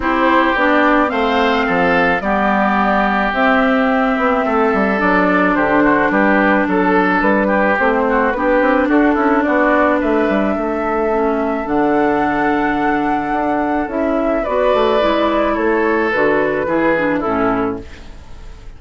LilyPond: <<
  \new Staff \with { instrumentName = "flute" } { \time 4/4 \tempo 4 = 108 c''4 d''4 f''2 | d''2 e''2~ | e''4 d''4 c''4 b'4 | a'4 b'4 c''4 b'4 |
a'4 d''4 e''2~ | e''4 fis''2.~ | fis''4 e''4 d''2 | cis''4 b'2 a'4 | }
  \new Staff \with { instrumentName = "oboe" } { \time 4/4 g'2 c''4 a'4 | g'1 | a'2 g'8 fis'8 g'4 | a'4. g'4 fis'8 g'4 |
fis'8 e'8 fis'4 b'4 a'4~ | a'1~ | a'2 b'2 | a'2 gis'4 e'4 | }
  \new Staff \with { instrumentName = "clarinet" } { \time 4/4 e'4 d'4 c'2 | b2 c'2~ | c'4 d'2.~ | d'2 c'4 d'4~ |
d'1 | cis'4 d'2.~ | d'4 e'4 fis'4 e'4~ | e'4 fis'4 e'8 d'8 cis'4 | }
  \new Staff \with { instrumentName = "bassoon" } { \time 4/4 c'4 b4 a4 f4 | g2 c'4. b8 | a8 g8 fis4 d4 g4 | fis4 g4 a4 b8 c'8 |
d'8 cis'8 b4 a8 g8 a4~ | a4 d2. | d'4 cis'4 b8 a8 gis4 | a4 d4 e4 a,4 | }
>>